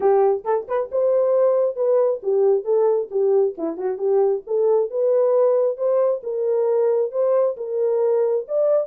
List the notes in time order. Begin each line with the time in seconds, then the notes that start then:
0.00 G4
0.44 A4
0.67 B4
0.91 C5
1.76 B4
2.22 G4
2.64 A4
3.10 G4
3.57 E4
3.77 F#4
3.98 G4
4.46 A4
4.90 B4
5.77 C5
6.23 A#4
7.11 C5
7.57 A#4
8.48 D5